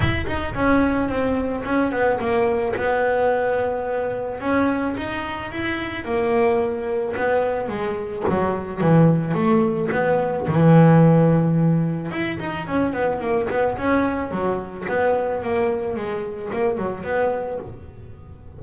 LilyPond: \new Staff \with { instrumentName = "double bass" } { \time 4/4 \tempo 4 = 109 e'8 dis'8 cis'4 c'4 cis'8 b8 | ais4 b2. | cis'4 dis'4 e'4 ais4~ | ais4 b4 gis4 fis4 |
e4 a4 b4 e4~ | e2 e'8 dis'8 cis'8 b8 | ais8 b8 cis'4 fis4 b4 | ais4 gis4 ais8 fis8 b4 | }